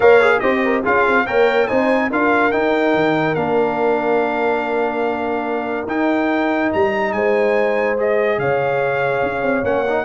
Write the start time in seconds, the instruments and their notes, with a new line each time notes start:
0.00 tuba A#3, trombone A#4, horn C#5, trumpet F5
0.20 trombone G#4
0.39 tuba C4, trombone G4, horn C5, trumpet D#5
0.64 horn A#4
0.82 tuba C#4, trombone F4, horn G#4, trumpet F5
1.06 tuba C4
1.26 tuba A#3, trombone A#4, horn C#5, trumpet G5
1.67 tuba C4, trombone D#4, horn C5, trumpet G#5
2.10 tuba D4, trombone F4, horn A#4, trumpet F5
2.51 trombone D#4, tuba D#4, trumpet G5
2.94 tuba D#3
3.34 tuba A#3, trombone D4, trumpet F5
5.86 tuba D#4, trombone D#4, trumpet G5
6.72 tuba G3, trumpet A#5
7.12 tuba G#3, horn C5, trumpet G#5
7.96 trombone G#4, trumpet D#5
8.37 tuba C#3, horn C#5, trumpet F5
9.22 tuba C#4
9.42 tuba C4
9.63 tuba A#3, trombone C#4, trumpet F#5
9.88 trombone D#4